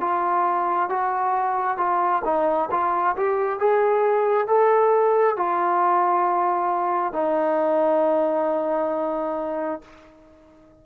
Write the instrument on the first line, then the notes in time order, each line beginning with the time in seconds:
trombone
0.00 F4
0.89 F#4
1.77 F4
2.24 D#4
2.71 F4
3.16 G4
3.59 G#4
4.47 A4
5.36 F4
7.12 D#4